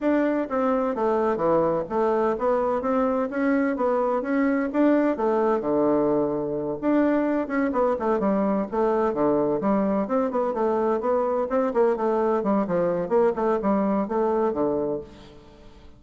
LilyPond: \new Staff \with { instrumentName = "bassoon" } { \time 4/4 \tempo 4 = 128 d'4 c'4 a4 e4 | a4 b4 c'4 cis'4 | b4 cis'4 d'4 a4 | d2~ d8 d'4. |
cis'8 b8 a8 g4 a4 d8~ | d8 g4 c'8 b8 a4 b8~ | b8 c'8 ais8 a4 g8 f4 | ais8 a8 g4 a4 d4 | }